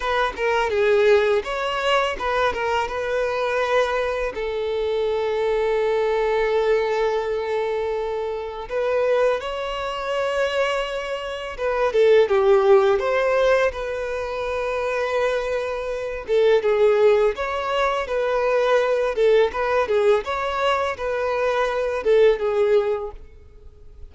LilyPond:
\new Staff \with { instrumentName = "violin" } { \time 4/4 \tempo 4 = 83 b'8 ais'8 gis'4 cis''4 b'8 ais'8 | b'2 a'2~ | a'1 | b'4 cis''2. |
b'8 a'8 g'4 c''4 b'4~ | b'2~ b'8 a'8 gis'4 | cis''4 b'4. a'8 b'8 gis'8 | cis''4 b'4. a'8 gis'4 | }